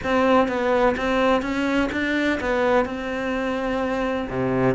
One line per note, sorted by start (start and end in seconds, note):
0.03 0.48 C4
0.48 0.95 B3
0.96 1.42 C4
1.42 1.89 C#4
1.92 2.39 D4
2.40 2.85 B3
2.85 4.27 C4
4.29 4.74 C3